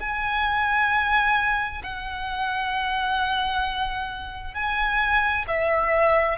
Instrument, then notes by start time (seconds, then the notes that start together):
violin
0.00 G#5
1.83 F#5
4.54 G#5
5.47 E5